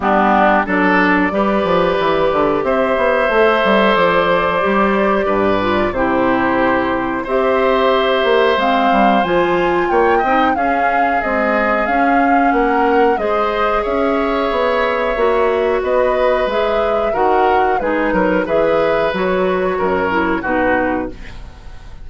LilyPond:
<<
  \new Staff \with { instrumentName = "flute" } { \time 4/4 \tempo 4 = 91 g'4 d''2. | e''2 d''2~ | d''4 c''2 e''4~ | e''4 f''4 gis''4 g''4 |
f''4 dis''4 f''4 fis''4 | dis''4 e''2. | dis''4 e''4 fis''4 b'4 | e''4 cis''2 b'4 | }
  \new Staff \with { instrumentName = "oboe" } { \time 4/4 d'4 a'4 b'2 | c''1 | b'4 g'2 c''4~ | c''2. cis''8 dis''8 |
gis'2. ais'4 | c''4 cis''2. | b'2 ais'4 gis'8 ais'8 | b'2 ais'4 fis'4 | }
  \new Staff \with { instrumentName = "clarinet" } { \time 4/4 b4 d'4 g'2~ | g'4 a'2 g'4~ | g'8 f'8 e'2 g'4~ | g'4 c'4 f'4. dis'8 |
cis'4 gis4 cis'2 | gis'2. fis'4~ | fis'4 gis'4 fis'4 dis'4 | gis'4 fis'4. e'8 dis'4 | }
  \new Staff \with { instrumentName = "bassoon" } { \time 4/4 g4 fis4 g8 f8 e8 d8 | c'8 b8 a8 g8 f4 g4 | g,4 c2 c'4~ | c'8 ais8 gis8 g8 f4 ais8 c'8 |
cis'4 c'4 cis'4 ais4 | gis4 cis'4 b4 ais4 | b4 gis4 dis4 gis8 fis8 | e4 fis4 fis,4 b,4 | }
>>